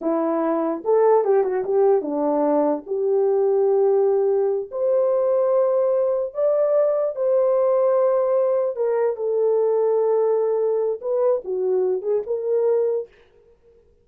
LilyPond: \new Staff \with { instrumentName = "horn" } { \time 4/4 \tempo 4 = 147 e'2 a'4 g'8 fis'8 | g'4 d'2 g'4~ | g'2.~ g'8 c''8~ | c''2.~ c''8 d''8~ |
d''4. c''2~ c''8~ | c''4. ais'4 a'4.~ | a'2. b'4 | fis'4. gis'8 ais'2 | }